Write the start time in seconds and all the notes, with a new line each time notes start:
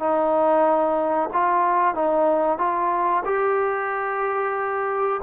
0.00 D#4
1.33 F4
1.95 D#4
2.59 F4
3.25 G4